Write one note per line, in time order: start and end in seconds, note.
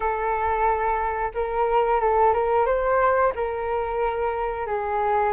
0.00 1.31 A4
1.34 2.00 A#4
2.00 2.33 A4
2.33 2.65 A#4
2.65 3.32 C5
3.35 4.67 A#4
4.67 5.32 G#4